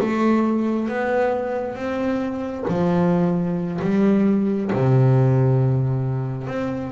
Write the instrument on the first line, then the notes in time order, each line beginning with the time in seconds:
double bass
0.00 A3
0.88 B3
1.75 C4
2.68 F3
3.81 G3
4.73 C3
6.47 C4